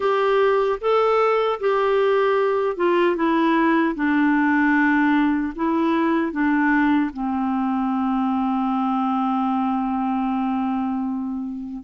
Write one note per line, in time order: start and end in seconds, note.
0.00 0.79 G4
0.80 1.59 A4
1.60 2.76 G4
2.76 3.15 F4
3.15 3.94 E4
3.95 5.53 D4
5.55 6.32 E4
6.32 7.11 D4
7.13 11.83 C4